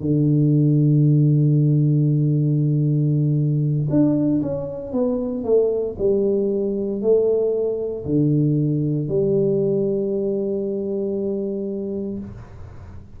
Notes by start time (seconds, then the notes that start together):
0.00 D3
3.89 D4
4.42 C#4
4.92 B3
5.44 A3
5.98 G3
7.01 A3
8.05 D3
9.08 G3